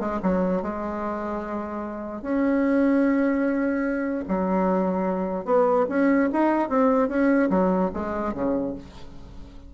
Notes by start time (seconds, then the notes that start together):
0.00 G#3
0.23 F#3
0.62 G#3
2.22 C#4
4.28 F#3
5.45 B3
5.89 C#4
6.33 D#4
6.69 C4
7.09 C#4
7.50 F#3
7.94 G#3
8.34 C#3